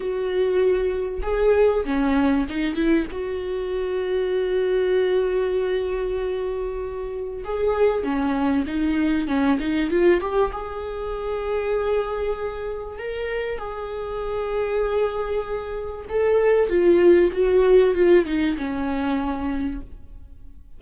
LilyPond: \new Staff \with { instrumentName = "viola" } { \time 4/4 \tempo 4 = 97 fis'2 gis'4 cis'4 | dis'8 e'8 fis'2.~ | fis'1 | gis'4 cis'4 dis'4 cis'8 dis'8 |
f'8 g'8 gis'2.~ | gis'4 ais'4 gis'2~ | gis'2 a'4 f'4 | fis'4 f'8 dis'8 cis'2 | }